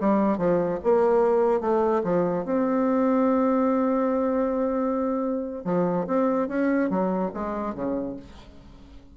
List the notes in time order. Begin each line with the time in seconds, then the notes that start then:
0.00 G3
0.38 F3
0.84 A#3
1.61 A3
2.04 F3
2.45 C4
5.65 F3
6.07 C4
6.48 C#4
6.90 F#3
7.34 G#3
7.75 C#3